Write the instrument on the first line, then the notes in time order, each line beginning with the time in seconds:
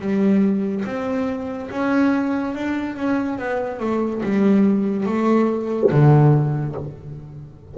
double bass
0.00 G3
0.85 C4
1.71 C#4
2.55 D4
2.97 C#4
3.39 B3
3.80 A3
4.23 G3
5.06 A3
5.91 D3